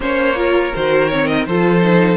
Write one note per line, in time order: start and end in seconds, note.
0.00 0.73 A#3
0.00 0.35 C#4
0.00 0.37 C5
0.00 0.75 C#5
0.35 0.71 F4
0.35 1.47 A#4
0.74 1.47 D#3
0.74 1.10 F#4
0.74 1.08 C5
1.08 1.47 C4
1.08 1.27 C#5
1.27 1.45 D#5
1.45 2.17 F3
1.45 1.81 F4
1.45 2.17 A4
1.45 2.17 C5
1.81 2.17 D#4